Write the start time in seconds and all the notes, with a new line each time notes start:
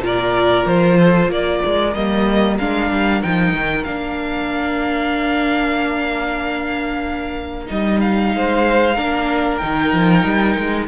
0.00 A#2 F4 A#4
0.07 D5
0.66 F3 C5
0.99 A4
1.28 A#3 A#4 D5
1.65 G#3
1.94 G3 A#3 D#5
2.59 G#3 D4 F5
2.90 G3
3.22 F3 D#4 G5
3.53 D#3
3.84 A#3 D4 F5
7.66 G3 D#4 D#5
8.00 F5
8.35 G#3 C5
8.95 A#3 D4 A#4
9.57 D#3 D#4 G5
9.93 F3
10.25 G3
10.57 G#3